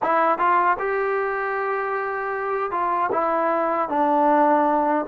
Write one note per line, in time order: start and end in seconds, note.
0.02 0.38 E4
0.38 0.77 F4
0.79 2.71 G4
2.71 3.10 F4
3.12 3.88 E4
3.88 5.05 D4